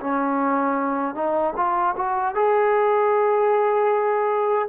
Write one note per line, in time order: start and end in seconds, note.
0.00 1.14 C#4
1.14 1.53 D#4
1.56 1.95 F4
1.96 2.34 F#4
2.34 4.68 G#4